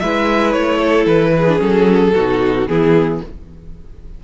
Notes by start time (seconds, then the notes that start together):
0.00 G#3 E4 B4 E5
0.53 A3 C#5
0.78 A4
1.07 E3 B4
1.38 G#4
1.49 D4
1.58 F#3 C#4 A4
2.15 B2 D#4 F#4
2.68 E3 B3 E4 G#4